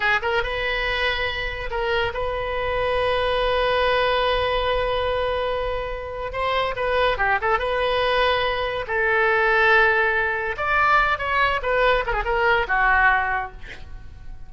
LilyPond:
\new Staff \with { instrumentName = "oboe" } { \time 4/4 \tempo 4 = 142 gis'8 ais'8 b'2. | ais'4 b'2.~ | b'1~ | b'2. c''4 |
b'4 g'8 a'8 b'2~ | b'4 a'2.~ | a'4 d''4. cis''4 b'8~ | b'8 ais'16 gis'16 ais'4 fis'2 | }